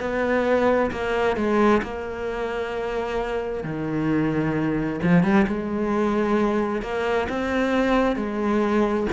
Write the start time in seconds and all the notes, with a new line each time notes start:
0.00 B3
0.91 A#3
1.36 G#3
1.82 A#3
3.64 D#3
5.02 F3
5.23 G3
5.47 G#3
6.82 A#3
7.29 C4
8.16 G#3